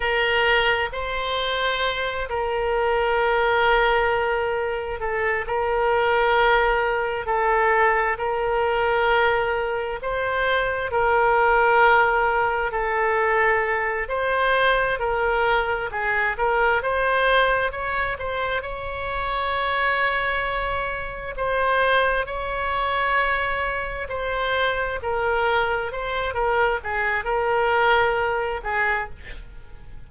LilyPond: \new Staff \with { instrumentName = "oboe" } { \time 4/4 \tempo 4 = 66 ais'4 c''4. ais'4.~ | ais'4. a'8 ais'2 | a'4 ais'2 c''4 | ais'2 a'4. c''8~ |
c''8 ais'4 gis'8 ais'8 c''4 cis''8 | c''8 cis''2. c''8~ | c''8 cis''2 c''4 ais'8~ | ais'8 c''8 ais'8 gis'8 ais'4. gis'8 | }